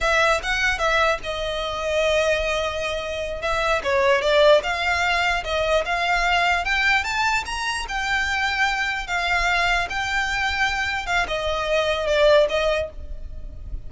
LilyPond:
\new Staff \with { instrumentName = "violin" } { \time 4/4 \tempo 4 = 149 e''4 fis''4 e''4 dis''4~ | dis''1~ | dis''8 e''4 cis''4 d''4 f''8~ | f''4. dis''4 f''4.~ |
f''8 g''4 a''4 ais''4 g''8~ | g''2~ g''8 f''4.~ | f''8 g''2. f''8 | dis''2 d''4 dis''4 | }